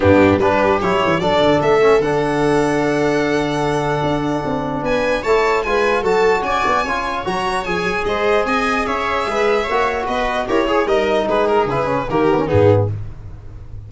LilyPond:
<<
  \new Staff \with { instrumentName = "violin" } { \time 4/4 \tempo 4 = 149 g'4 b'4 cis''4 d''4 | e''4 fis''2.~ | fis''1 | gis''4 a''4 gis''4 a''4 |
gis''2 ais''4 gis''4 | dis''4 gis''4 e''2~ | e''4 dis''4 cis''4 dis''4 | b'8 ais'8 b'4 ais'4 gis'4 | }
  \new Staff \with { instrumentName = "viola" } { \time 4/4 d'4 g'2 a'4~ | a'1~ | a'1 | b'4 cis''4 b'4 a'4 |
d''4 cis''2. | c''4 dis''4 cis''4 b'4 | cis''4 b'4 ais'8 gis'8 ais'4 | gis'2 g'4 dis'4 | }
  \new Staff \with { instrumentName = "trombone" } { \time 4/4 b4 d'4 e'4 d'4~ | d'8 cis'8 d'2.~ | d'1~ | d'4 e'4 f'4 fis'4~ |
fis'4 f'4 fis'4 gis'4~ | gis'1 | fis'2 g'8 gis'8 dis'4~ | dis'4 e'8 cis'8 ais8 b16 cis'16 b4 | }
  \new Staff \with { instrumentName = "tuba" } { \time 4/4 g,4 g4 fis8 e8 fis8 d8 | a4 d2.~ | d2 d'4 c'4 | b4 a4 gis4 fis4 |
cis'8 b8 cis'4 fis4 f8 fis8 | gis4 c'4 cis'4 gis4 | ais4 b4 e'4 g4 | gis4 cis4 dis4 gis,4 | }
>>